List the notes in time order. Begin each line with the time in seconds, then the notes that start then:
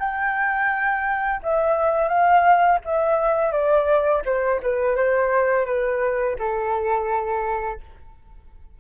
0.00 G5
1.43 E5
2.09 F5
2.86 E5
3.52 D5
4.25 C5
4.63 B4
4.97 C5
5.66 B4
6.39 A4